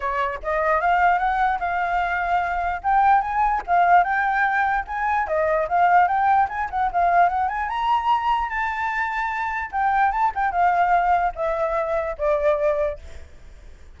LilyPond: \new Staff \with { instrumentName = "flute" } { \time 4/4 \tempo 4 = 148 cis''4 dis''4 f''4 fis''4 | f''2. g''4 | gis''4 f''4 g''2 | gis''4 dis''4 f''4 g''4 |
gis''8 fis''8 f''4 fis''8 gis''8 ais''4~ | ais''4 a''2. | g''4 a''8 g''8 f''2 | e''2 d''2 | }